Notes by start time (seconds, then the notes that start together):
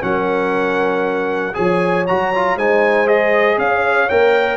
0.00 F#3 C#4 A#4 F#5
1.53 F3 G#4 C#5 G#5
2.06 F#3 F#4 A#5
2.34 F4
2.56 G#3 D#4 C5 G#5
3.06 G#4 D#5
3.57 C#4 C#5 F5
4.09 A#3 A#4 G5